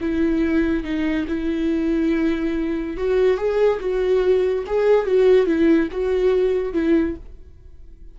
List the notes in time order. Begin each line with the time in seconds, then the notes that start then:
0.00 E4
0.83 D#4
1.28 E4
2.97 F#4
3.37 G#4
3.79 F#4
4.66 G#4
5.06 F#4
5.46 E4
5.91 F#4
6.73 E4